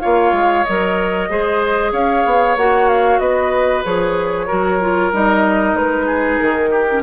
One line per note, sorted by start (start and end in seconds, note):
0.00 0.32 A#3
0.00 0.64 F4
0.00 1.29 C#5
0.00 0.64 F5
0.32 0.64 G#3
0.64 1.30 F#3
0.64 1.30 A#4
0.64 1.91 D#5
1.30 1.92 G#3
1.30 2.57 G#4
1.30 1.92 C5
1.92 2.24 C#4
1.92 3.20 C#5
1.92 2.57 F5
2.26 2.56 B3
2.56 3.19 A#3
2.56 3.84 F#4
2.56 2.89 F#5
2.89 3.19 F5
3.19 3.83 B3
3.19 4.47 B4
3.19 3.83 D#5
3.84 4.49 F3
3.84 4.48 G#4
3.84 5.12 C#5
4.47 5.12 F#3
4.47 4.80 F#4
4.47 6.06 A#4
4.81 5.12 F4
5.12 5.74 G3
5.12 6.88 D#4
5.12 5.76 D#5
5.74 6.38 G#3
5.74 6.38 B4
6.06 6.70 G#4
6.38 7.03 D#3
6.38 7.02 A#4
6.70 7.02 G4
6.89 7.03 C#4